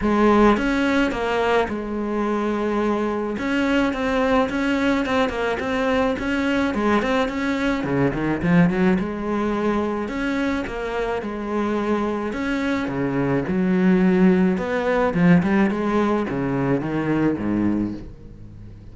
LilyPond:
\new Staff \with { instrumentName = "cello" } { \time 4/4 \tempo 4 = 107 gis4 cis'4 ais4 gis4~ | gis2 cis'4 c'4 | cis'4 c'8 ais8 c'4 cis'4 | gis8 c'8 cis'4 cis8 dis8 f8 fis8 |
gis2 cis'4 ais4 | gis2 cis'4 cis4 | fis2 b4 f8 g8 | gis4 cis4 dis4 gis,4 | }